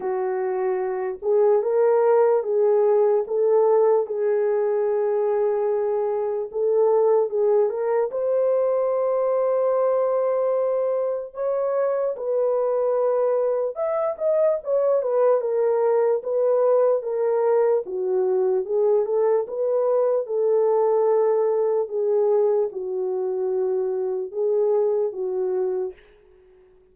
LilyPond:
\new Staff \with { instrumentName = "horn" } { \time 4/4 \tempo 4 = 74 fis'4. gis'8 ais'4 gis'4 | a'4 gis'2. | a'4 gis'8 ais'8 c''2~ | c''2 cis''4 b'4~ |
b'4 e''8 dis''8 cis''8 b'8 ais'4 | b'4 ais'4 fis'4 gis'8 a'8 | b'4 a'2 gis'4 | fis'2 gis'4 fis'4 | }